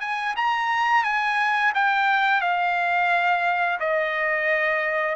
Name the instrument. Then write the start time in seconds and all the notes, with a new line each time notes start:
trumpet
0.00 G#5
0.36 A#5
1.03 G#5
1.74 G5
2.41 F5
3.80 D#5